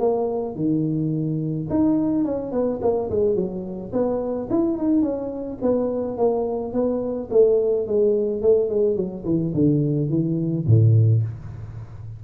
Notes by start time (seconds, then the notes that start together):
0.00 A#3
0.56 D#3
1.71 D#4
2.25 C#4
2.52 B3
2.82 A#3
3.11 G#3
3.36 F#3
3.93 B3
4.51 E4
4.78 D#4
5.03 C#4
5.62 B3
6.18 A#3
6.73 B3
7.31 A3
7.87 G#3
8.42 A3
8.70 G#3
8.97 F#3
9.25 E3
9.55 D3
10.10 E3
10.67 A2